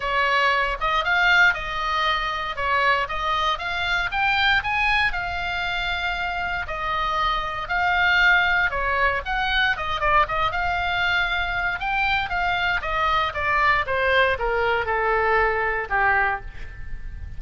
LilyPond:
\new Staff \with { instrumentName = "oboe" } { \time 4/4 \tempo 4 = 117 cis''4. dis''8 f''4 dis''4~ | dis''4 cis''4 dis''4 f''4 | g''4 gis''4 f''2~ | f''4 dis''2 f''4~ |
f''4 cis''4 fis''4 dis''8 d''8 | dis''8 f''2~ f''8 g''4 | f''4 dis''4 d''4 c''4 | ais'4 a'2 g'4 | }